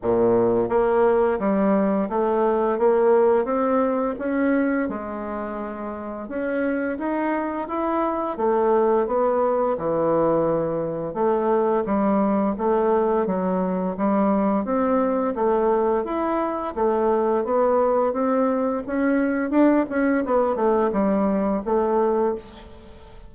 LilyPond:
\new Staff \with { instrumentName = "bassoon" } { \time 4/4 \tempo 4 = 86 ais,4 ais4 g4 a4 | ais4 c'4 cis'4 gis4~ | gis4 cis'4 dis'4 e'4 | a4 b4 e2 |
a4 g4 a4 fis4 | g4 c'4 a4 e'4 | a4 b4 c'4 cis'4 | d'8 cis'8 b8 a8 g4 a4 | }